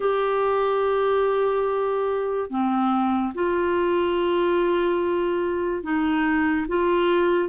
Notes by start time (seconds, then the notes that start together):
0.00 G4
2.50 C4
3.34 F4
5.83 D#4
6.67 F4